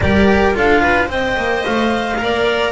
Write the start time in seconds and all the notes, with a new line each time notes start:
0.00 G3 G4 A#4 D5
0.54 D4 F4 A4 F5
0.80 B4
1.05 C4 C5 D#5 G5
1.37 A#3
1.65 A3 F5
2.18 A#3 A#4 D5